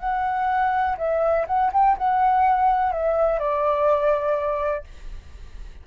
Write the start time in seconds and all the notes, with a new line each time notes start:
0.00 F#5
0.98 E5
1.47 F#5
1.73 G5
1.98 F#5
2.93 E5
3.40 D5